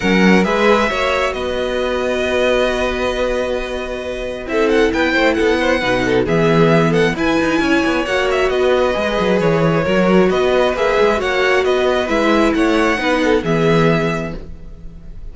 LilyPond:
<<
  \new Staff \with { instrumentName = "violin" } { \time 4/4 \tempo 4 = 134 fis''4 e''2 dis''4~ | dis''1~ | dis''2 e''8 fis''8 g''4 | fis''2 e''4. fis''8 |
gis''2 fis''8 e''8 dis''4~ | dis''4 cis''2 dis''4 | e''4 fis''4 dis''4 e''4 | fis''2 e''2 | }
  \new Staff \with { instrumentName = "violin" } { \time 4/4 ais'4 b'4 cis''4 b'4~ | b'1~ | b'2 a'4 b'8 c''8 | a'8 c''8 b'8 a'8 gis'4. a'8 |
b'4 cis''2 b'4~ | b'2 ais'4 b'4~ | b'4 cis''4 b'2 | cis''4 b'8 a'8 gis'2 | }
  \new Staff \with { instrumentName = "viola" } { \time 4/4 cis'4 gis'4 fis'2~ | fis'1~ | fis'2 e'2~ | e'4 dis'4 b2 |
e'2 fis'2 | gis'2 fis'2 | gis'4 fis'2 e'4~ | e'4 dis'4 b2 | }
  \new Staff \with { instrumentName = "cello" } { \time 4/4 fis4 gis4 ais4 b4~ | b1~ | b2 c'4 b8 a8 | b4 b,4 e2 |
e'8 dis'8 cis'8 b8 ais4 b4 | gis8 fis8 e4 fis4 b4 | ais8 gis8 ais4 b4 gis4 | a4 b4 e2 | }
>>